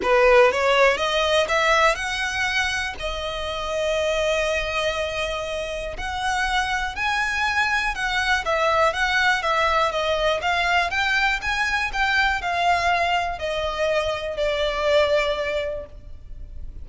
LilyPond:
\new Staff \with { instrumentName = "violin" } { \time 4/4 \tempo 4 = 121 b'4 cis''4 dis''4 e''4 | fis''2 dis''2~ | dis''1 | fis''2 gis''2 |
fis''4 e''4 fis''4 e''4 | dis''4 f''4 g''4 gis''4 | g''4 f''2 dis''4~ | dis''4 d''2. | }